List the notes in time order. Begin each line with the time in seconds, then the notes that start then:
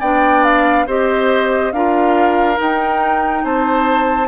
0.00 B3 D4 D5 G5
0.44 F5
0.86 C4 G4 C5 D#5
1.72 D4 F4 A#4 F5
2.55 D#4 G5
3.43 C4 C5 A5